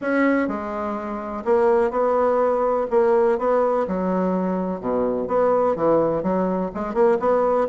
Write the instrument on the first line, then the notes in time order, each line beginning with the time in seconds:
bassoon
0.01 C#4
0.48 G#3
1.44 A#3
1.90 B3
2.90 A#3
3.38 B3
3.87 F#3
4.80 B2
5.27 B3
5.75 E3
6.22 F#3
6.74 G#3
6.94 A#3
7.19 B3